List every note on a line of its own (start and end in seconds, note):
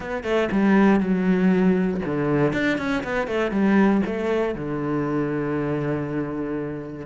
0.00 0.23 B3
0.23 0.49 A3
0.51 0.99 G3
0.99 2.00 F#3
2.05 2.53 D3
2.53 2.78 D4
2.78 3.03 C#4
3.03 3.27 B3
3.27 3.51 A3
3.51 4.01 G3
4.06 4.54 A3
4.54 7.06 D3